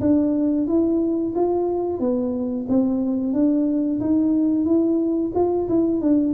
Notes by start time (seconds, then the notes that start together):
0.00 D4
0.67 E4
1.35 F4
1.99 B3
2.68 C4
3.33 D4
4.00 D#4
4.65 E4
5.35 F4
5.68 E4
6.01 D4